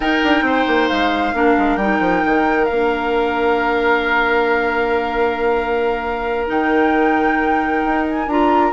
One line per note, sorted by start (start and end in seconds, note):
0.00 0.21 D#4
0.00 1.34 D#4
0.00 0.44 A#4
0.00 0.89 G5
0.23 0.42 D4
0.42 0.64 C4
0.42 1.35 C5
0.67 0.89 A#3
0.89 1.33 G#3
0.89 1.76 F5
1.33 1.56 A#3
1.33 1.79 D4
1.33 8.72 A#4
1.57 1.76 G#3
1.76 1.98 G3
1.76 2.68 D#4
1.76 2.65 G5
1.99 2.22 F3
2.25 2.69 D#3
2.65 6.49 A#3
2.65 6.47 D4
2.65 6.45 F5
6.47 7.84 D#3
6.47 8.26 D#4
6.47 8.07 G5
7.84 8.27 D#4
8.08 8.29 G#5
8.27 8.72 D4
8.27 8.72 F4
8.27 8.72 A#5